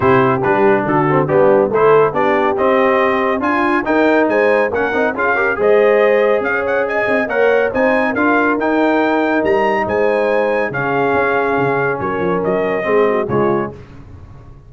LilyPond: <<
  \new Staff \with { instrumentName = "trumpet" } { \time 4/4 \tempo 4 = 140 c''4 b'4 a'4 g'4 | c''4 d''4 dis''2 | gis''4 g''4 gis''4 fis''4 | f''4 dis''2 f''8 fis''8 |
gis''4 fis''4 gis''4 f''4 | g''2 ais''4 gis''4~ | gis''4 f''2. | cis''4 dis''2 cis''4 | }
  \new Staff \with { instrumentName = "horn" } { \time 4/4 g'2 fis'4 d'4 | a'4 g'2. | f'4 ais'4 c''4 ais'4 | gis'8 ais'8 c''2 cis''4 |
dis''4 cis''4 c''4 ais'4~ | ais'2. c''4~ | c''4 gis'2. | ais'2 gis'8 fis'8 f'4 | }
  \new Staff \with { instrumentName = "trombone" } { \time 4/4 e'4 d'4. c'8 b4 | e'4 d'4 c'2 | f'4 dis'2 cis'8 dis'8 | f'8 g'8 gis'2.~ |
gis'4 ais'4 dis'4 f'4 | dis'1~ | dis'4 cis'2.~ | cis'2 c'4 gis4 | }
  \new Staff \with { instrumentName = "tuba" } { \time 4/4 c4 g4 d4 g4 | a4 b4 c'2 | d'4 dis'4 gis4 ais8 c'8 | cis'4 gis2 cis'4~ |
cis'8 c'8 ais4 c'4 d'4 | dis'2 g4 gis4~ | gis4 cis4 cis'4 cis4 | fis8 f8 fis4 gis4 cis4 | }
>>